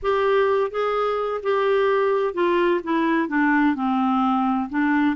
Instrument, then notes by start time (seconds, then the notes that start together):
clarinet
0.02 G4
0.70 G#4
1.42 G4
2.34 F4
2.83 E4
3.28 D4
3.75 C4
4.69 D4